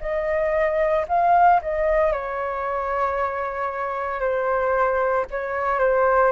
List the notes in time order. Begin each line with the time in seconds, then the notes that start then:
0.00 D#5
1.08 F5
1.62 D#5
2.12 C#5
4.20 C5
5.30 C#5
5.79 C5